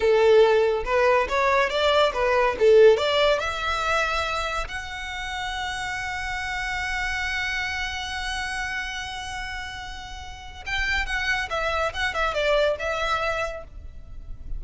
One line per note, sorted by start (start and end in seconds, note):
0.00 0.84 A4
0.85 1.27 B4
1.28 1.69 C#5
1.69 2.12 D5
2.13 2.56 B4
2.59 2.97 A4
2.97 3.39 D5
3.39 4.67 E5
4.68 10.63 F#5
10.66 11.06 G5
11.06 11.48 F#5
11.50 11.92 E5
11.93 12.14 F#5
12.14 12.34 E5
12.34 12.76 D5
12.79 13.64 E5